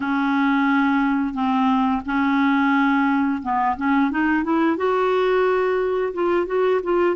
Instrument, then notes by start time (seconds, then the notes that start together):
clarinet
0.00 C#4
1.34 C4
2.05 C#4
3.42 B3
3.76 C#4
4.10 D#4
4.43 E4
4.76 F#4
6.13 F4
6.46 F#4
6.83 F4